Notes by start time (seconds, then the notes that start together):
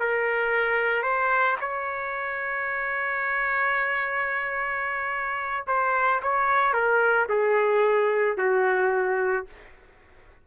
0.00 A#4
1.02 C5
1.61 C#5
5.67 C5
6.23 C#5
6.73 A#4
7.29 G#4
8.38 F#4